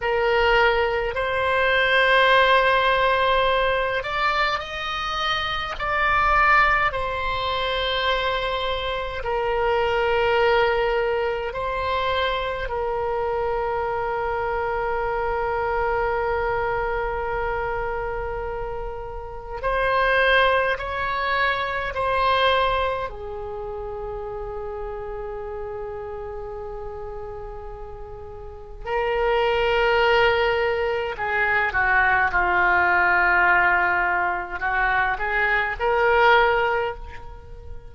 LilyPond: \new Staff \with { instrumentName = "oboe" } { \time 4/4 \tempo 4 = 52 ais'4 c''2~ c''8 d''8 | dis''4 d''4 c''2 | ais'2 c''4 ais'4~ | ais'1~ |
ais'4 c''4 cis''4 c''4 | gis'1~ | gis'4 ais'2 gis'8 fis'8 | f'2 fis'8 gis'8 ais'4 | }